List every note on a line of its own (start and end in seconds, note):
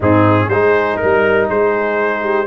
0.00 0.48 G#2
0.00 0.51 C4
0.00 0.48 D#4
0.00 0.49 G#4
0.48 0.97 G#3
0.48 2.46 D#4
0.48 1.00 G#4
0.48 0.96 C5
0.96 1.46 A#4
0.96 1.49 A#4
1.03 1.49 G3
1.49 2.46 G#3
1.49 2.22 G#4
1.49 2.46 C5
2.22 2.46 G4